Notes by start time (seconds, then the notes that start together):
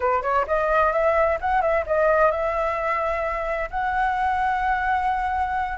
0.00 B4
0.22 C#5
0.47 D#5
0.92 E5
1.41 F#5
1.61 E5
1.86 D#5
2.31 E5
3.70 F#5